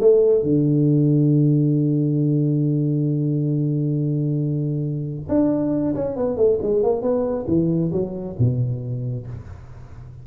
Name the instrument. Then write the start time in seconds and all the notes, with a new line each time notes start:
tuba
0.00 A3
0.42 D3
5.28 D4
5.95 C#4
6.16 B3
6.36 A3
6.62 G#3
6.83 A#3
7.01 B3
7.47 E3
7.92 F#3
8.38 B2